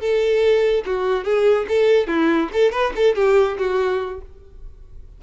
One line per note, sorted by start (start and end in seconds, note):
0.00 0.84 A4
0.85 1.24 F#4
1.24 1.66 G#4
1.68 2.07 A4
2.07 2.49 E4
2.53 2.72 A4
2.72 2.93 B4
2.96 3.15 A4
3.15 3.57 G4
3.58 4.21 F#4